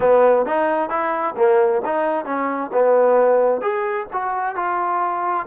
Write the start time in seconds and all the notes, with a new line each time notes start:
0.00 B3
0.45 D#4
0.89 E4
1.36 A#3
1.85 D#4
2.25 C#4
2.73 B3
3.61 G#4
4.12 F#4
4.55 F4